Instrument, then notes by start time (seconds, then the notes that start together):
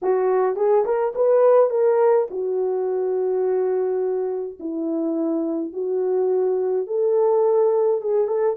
horn
0.02 F#4
0.56 G#4
0.85 A#4
1.15 B4
1.70 A#4
2.30 F#4
4.59 E4
5.72 F#4
6.86 A4
8.01 G#4
8.27 A4